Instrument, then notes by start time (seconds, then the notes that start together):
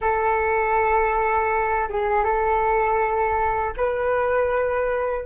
flute
0.01 A4
1.89 G#4
2.24 A4
3.77 B4